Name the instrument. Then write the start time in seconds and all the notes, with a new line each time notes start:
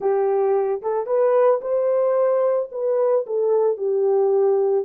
horn
0.00 G4
0.82 A4
1.06 B4
1.61 C5
2.71 B4
3.26 A4
3.77 G4